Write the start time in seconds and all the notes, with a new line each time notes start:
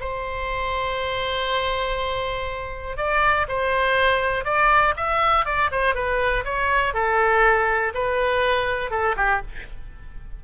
0.00 C5
2.97 D5
3.48 C5
4.44 D5
4.97 E5
5.45 D5
5.71 C5
5.94 B4
6.44 C#5
6.94 A4
7.94 B4
8.90 A4
9.16 G4